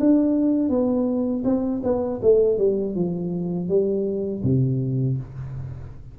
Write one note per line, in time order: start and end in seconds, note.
0.00 0.69 D4
0.69 1.43 B3
1.44 1.81 C4
1.83 2.20 B3
2.22 2.58 A3
2.58 2.95 G3
2.95 3.68 F3
3.68 4.42 G3
4.43 5.17 C3